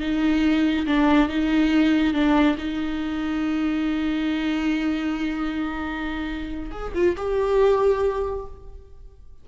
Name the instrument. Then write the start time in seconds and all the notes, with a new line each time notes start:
viola
0.00 D#4
0.86 D4
1.29 D#4
2.13 D4
2.58 D#4
6.71 G#4
6.94 F4
7.16 G4